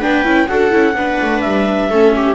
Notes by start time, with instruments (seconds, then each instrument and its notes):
0.00 double bass B3, viola D4 B4, clarinet G5
0.24 double bass C#4, viola E4
0.48 double bass D4, viola F#4 A4, clarinet F#5
0.70 double bass C#4, viola E4
0.95 double bass B3, viola D4 B4
1.21 double bass A3
1.41 double bass G3, clarinet E5
1.90 double bass A3, viola C#4 A4
2.16 viola G4